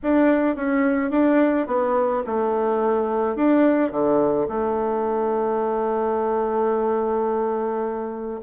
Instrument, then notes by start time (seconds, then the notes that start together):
bassoon
0.03 D4
0.56 C#4
1.10 D4
1.66 B3
2.26 A3
3.36 D4
3.91 D3
4.48 A3